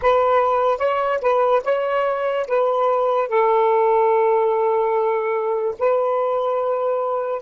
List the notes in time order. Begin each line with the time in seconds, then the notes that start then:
0.01 B4
0.78 C#5
1.21 B4
1.64 C#5
2.47 B4
3.28 A4
5.79 B4